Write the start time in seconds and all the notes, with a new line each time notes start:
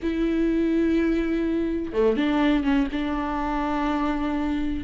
0.02 E4
1.92 A3
2.16 D4
2.63 C#4
2.91 D4